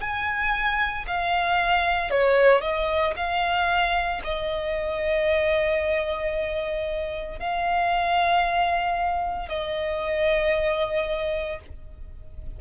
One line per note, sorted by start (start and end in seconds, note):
0.00 1.05 G#5
1.07 2.10 F5
2.10 2.61 C#5
2.61 3.13 D#5
3.16 4.22 F5
4.24 7.39 D#5
7.39 9.48 F5
9.48 11.59 D#5